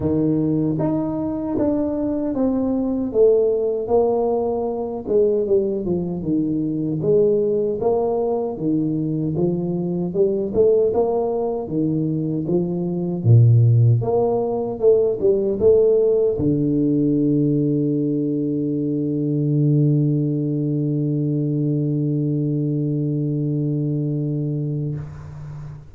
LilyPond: \new Staff \with { instrumentName = "tuba" } { \time 4/4 \tempo 4 = 77 dis4 dis'4 d'4 c'4 | a4 ais4. gis8 g8 f8 | dis4 gis4 ais4 dis4 | f4 g8 a8 ais4 dis4 |
f4 ais,4 ais4 a8 g8 | a4 d2.~ | d1~ | d1 | }